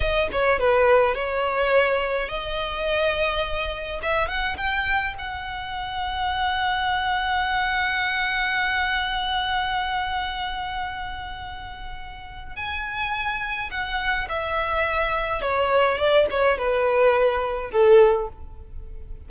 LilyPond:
\new Staff \with { instrumentName = "violin" } { \time 4/4 \tempo 4 = 105 dis''8 cis''8 b'4 cis''2 | dis''2. e''8 fis''8 | g''4 fis''2.~ | fis''1~ |
fis''1~ | fis''2 gis''2 | fis''4 e''2 cis''4 | d''8 cis''8 b'2 a'4 | }